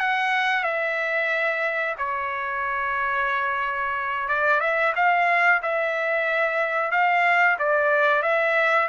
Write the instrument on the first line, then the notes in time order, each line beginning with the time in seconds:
trumpet
0.00 F#5
0.64 E5
1.98 C#5
4.29 D5
4.61 E5
4.96 F5
5.63 E5
6.91 F5
7.59 D5
8.22 E5